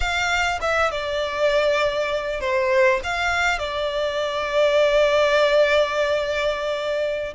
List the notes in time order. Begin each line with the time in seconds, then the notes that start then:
0.00 F5
0.61 E5
0.91 D5
2.40 C5
3.03 F5
3.58 D5